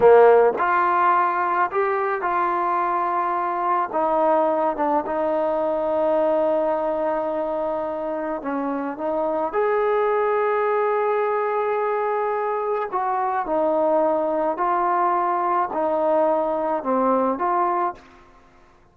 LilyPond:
\new Staff \with { instrumentName = "trombone" } { \time 4/4 \tempo 4 = 107 ais4 f'2 g'4 | f'2. dis'4~ | dis'8 d'8 dis'2.~ | dis'2. cis'4 |
dis'4 gis'2.~ | gis'2. fis'4 | dis'2 f'2 | dis'2 c'4 f'4 | }